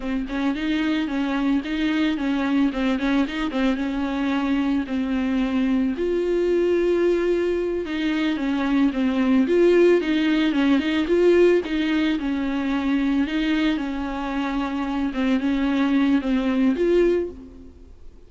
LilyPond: \new Staff \with { instrumentName = "viola" } { \time 4/4 \tempo 4 = 111 c'8 cis'8 dis'4 cis'4 dis'4 | cis'4 c'8 cis'8 dis'8 c'8 cis'4~ | cis'4 c'2 f'4~ | f'2~ f'8 dis'4 cis'8~ |
cis'8 c'4 f'4 dis'4 cis'8 | dis'8 f'4 dis'4 cis'4.~ | cis'8 dis'4 cis'2~ cis'8 | c'8 cis'4. c'4 f'4 | }